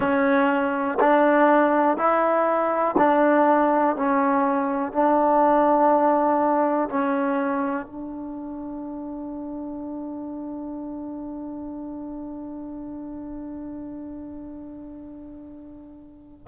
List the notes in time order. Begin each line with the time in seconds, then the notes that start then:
0.00 C#4
1.00 D4
1.97 E4
2.97 D4
3.96 C#4
4.92 D4
6.89 C#4
7.86 D4